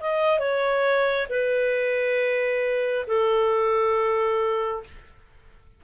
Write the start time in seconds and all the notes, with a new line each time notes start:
0.00 D#5
0.39 C#5
1.29 B4
3.06 A4